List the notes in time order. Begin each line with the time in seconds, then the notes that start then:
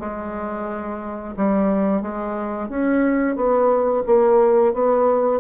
0.00 G#3
1.37 G3
2.02 G#3
2.69 C#4
3.36 B3
4.07 A#3
4.74 B3